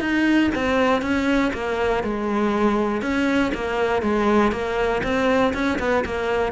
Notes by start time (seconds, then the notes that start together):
0.00 D#4
0.55 C4
1.01 C#4
1.53 A#3
2.03 G#3
3.02 C#4
3.54 A#3
4.02 G#3
4.52 A#3
5.03 C4
5.53 C#4
5.79 B3
6.05 A#3